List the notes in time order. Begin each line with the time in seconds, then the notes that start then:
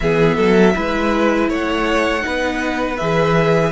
0.00 E3 B3 G#4 E5
0.35 F#3 A4
0.75 G#3 E4 B4
1.48 A3 C#5 F#5
2.20 D#4 B4
2.26 B3
2.97 E3 G#4 E5